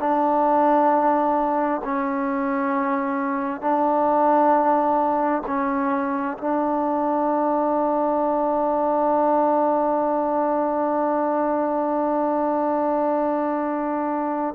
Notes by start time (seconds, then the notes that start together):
0.00 D4
1.85 C#4
3.61 D4
5.47 C#4
6.38 D4